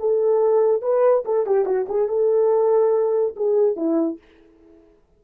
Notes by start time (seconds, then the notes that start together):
0.00 A4
0.82 B4
1.26 A4
1.47 G4
1.66 F#4
1.89 G#4
2.09 A4
3.37 G#4
3.77 E4